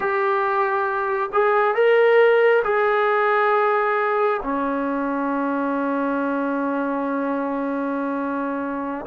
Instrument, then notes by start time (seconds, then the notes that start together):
trombone
0.00 G4
1.32 G#4
1.74 A#4
2.64 G#4
4.42 C#4